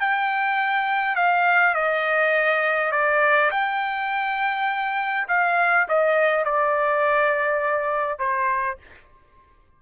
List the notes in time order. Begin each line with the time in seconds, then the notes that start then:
0.00 G5
1.16 F5
1.74 D#5
2.91 D5
3.51 G5
5.28 F5
5.88 D#5
6.45 D5
8.19 C5